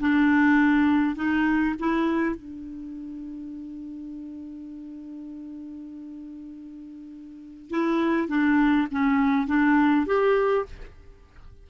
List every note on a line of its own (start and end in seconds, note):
0.00 1.16 D4
1.16 1.75 D#4
1.79 2.36 E4
2.36 7.70 D4
7.70 8.28 E4
8.28 8.88 D4
8.91 9.47 C#4
9.47 10.06 D4
10.06 10.66 G4